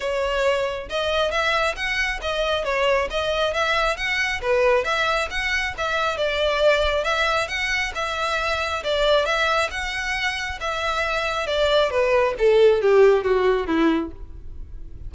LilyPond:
\new Staff \with { instrumentName = "violin" } { \time 4/4 \tempo 4 = 136 cis''2 dis''4 e''4 | fis''4 dis''4 cis''4 dis''4 | e''4 fis''4 b'4 e''4 | fis''4 e''4 d''2 |
e''4 fis''4 e''2 | d''4 e''4 fis''2 | e''2 d''4 b'4 | a'4 g'4 fis'4 e'4 | }